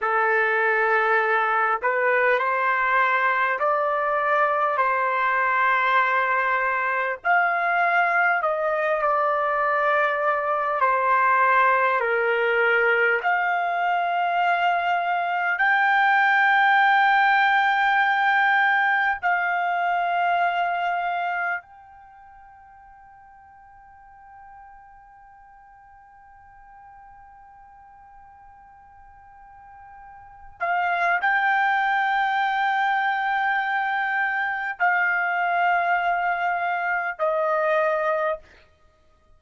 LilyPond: \new Staff \with { instrumentName = "trumpet" } { \time 4/4 \tempo 4 = 50 a'4. b'8 c''4 d''4 | c''2 f''4 dis''8 d''8~ | d''4 c''4 ais'4 f''4~ | f''4 g''2. |
f''2 g''2~ | g''1~ | g''4. f''8 g''2~ | g''4 f''2 dis''4 | }